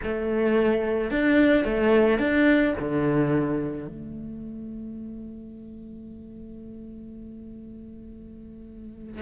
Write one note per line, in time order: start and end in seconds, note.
0.03 1.10 A3
1.10 1.64 D4
1.64 2.18 A3
2.18 2.73 D4
2.79 3.87 D3
3.87 9.22 A3